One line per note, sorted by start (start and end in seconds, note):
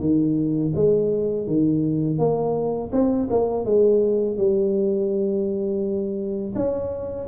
0.00 0.72 D#3
0.75 1.47 G#3
1.47 2.18 D#3
2.18 2.90 A#3
2.92 3.28 C4
3.30 3.65 A#3
3.65 4.37 G#3
4.37 6.54 G3
6.55 7.27 C#4